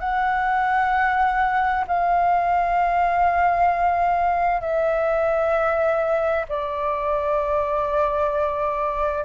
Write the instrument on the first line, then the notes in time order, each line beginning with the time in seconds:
flute
0.00 F#5
1.87 F5
4.61 E5
6.49 D5